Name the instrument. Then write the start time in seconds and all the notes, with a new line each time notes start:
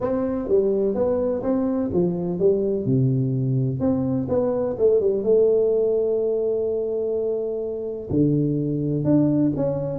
tuba
0.00 C4
0.48 G3
0.94 B3
1.42 C4
1.93 F3
2.39 G3
2.85 C3
3.80 C4
4.29 B3
4.78 A3
5.00 G3
5.23 A3
8.10 D3
9.04 D4
9.56 C#4